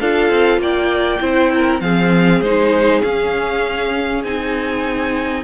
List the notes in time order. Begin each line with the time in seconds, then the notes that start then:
0.00 D4 F4 A4 F5
0.30 C4
0.59 A#3 D5 G5
1.20 C4 E4 C5
1.55 A#4
1.81 F3 C4 G#4 F5
2.41 G#3 D#4 C5
3.02 C#4 F5
4.24 C4 D#4 G#5